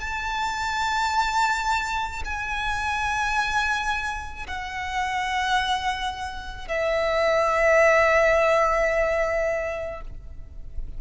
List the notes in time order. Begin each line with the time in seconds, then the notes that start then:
0.00 A5
2.24 G#5
4.47 F#5
6.68 E5